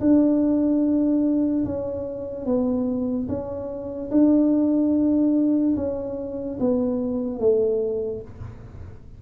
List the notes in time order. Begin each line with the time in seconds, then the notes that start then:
0.00 D4
1.64 C#4
2.45 B3
3.28 C#4
4.11 D4
5.76 C#4
6.59 B3
7.39 A3